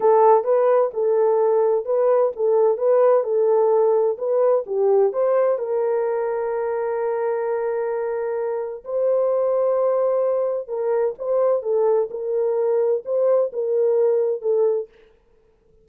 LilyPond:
\new Staff \with { instrumentName = "horn" } { \time 4/4 \tempo 4 = 129 a'4 b'4 a'2 | b'4 a'4 b'4 a'4~ | a'4 b'4 g'4 c''4 | ais'1~ |
ais'2. c''4~ | c''2. ais'4 | c''4 a'4 ais'2 | c''4 ais'2 a'4 | }